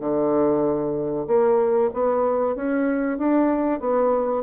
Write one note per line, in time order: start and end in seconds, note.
0.00 1.26 D3
1.27 1.90 A#3
1.93 2.56 B3
2.56 3.18 C#4
3.18 3.80 D4
3.80 4.43 B3